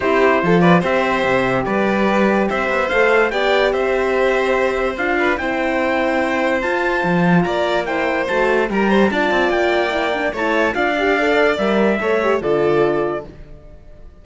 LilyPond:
<<
  \new Staff \with { instrumentName = "trumpet" } { \time 4/4 \tempo 4 = 145 c''4. d''8 e''2 | d''2 e''4 f''4 | g''4 e''2. | f''4 g''2. |
a''2 ais''4 g''4 | a''4 ais''4 a''4 g''4~ | g''4 a''4 f''2 | e''2 d''2 | }
  \new Staff \with { instrumentName = "violin" } { \time 4/4 g'4 a'8 b'8 c''2 | b'2 c''2 | d''4 c''2.~ | c''8 b'8 c''2.~ |
c''2 d''4 c''4~ | c''4 ais'8 c''8 d''2~ | d''4 cis''4 d''2~ | d''4 cis''4 a'2 | }
  \new Staff \with { instrumentName = "horn" } { \time 4/4 e'4 f'4 g'2~ | g'2. a'4 | g'1 | f'4 e'2. |
f'2. e'4 | fis'4 g'4 f'2 | e'8 d'8 e'4 f'8 g'8 a'4 | ais'4 a'8 g'8 f'2 | }
  \new Staff \with { instrumentName = "cello" } { \time 4/4 c'4 f4 c'4 c4 | g2 c'8 b8 a4 | b4 c'2. | d'4 c'2. |
f'4 f4 ais2 | a4 g4 d'8 c'8 ais4~ | ais4 a4 d'2 | g4 a4 d2 | }
>>